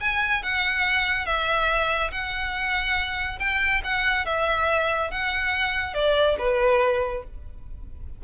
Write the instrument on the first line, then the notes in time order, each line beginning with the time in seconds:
violin
0.00 G#5
0.42 F#5
1.25 E5
2.11 F#5
3.39 G5
3.84 F#5
4.25 E5
5.10 F#5
5.94 D5
6.38 B4